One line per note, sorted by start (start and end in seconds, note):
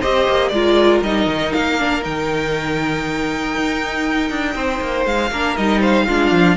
0.00 0.29 C4
0.00 0.53 G4
0.00 0.50 C5
0.00 0.49 D#5
0.29 0.51 A#3
0.49 1.01 G#3
0.49 1.05 F4
0.49 4.56 A#4
0.49 1.00 D5
1.02 1.27 G3
1.02 1.79 D#4
1.02 1.53 D#5
1.27 1.53 D#3
1.53 2.06 A#3
1.53 2.03 F5
1.79 2.02 D4
2.02 3.55 D#3
2.02 5.30 D#4
2.02 5.07 G5
3.55 4.31 D#4
4.31 4.55 D4
4.55 4.81 C4
4.55 5.31 C5
4.81 5.06 A#3
5.06 5.31 G#3
5.06 5.57 F5
5.31 5.56 A#3
5.31 5.58 D4
5.31 5.81 A#4
5.57 6.09 G3
5.57 6.08 D#4
5.57 5.82 D#5
5.81 6.07 C5
5.81 6.57 F5
6.07 6.32 G#3
6.07 6.57 D4
6.07 6.57 F4
6.32 6.57 F3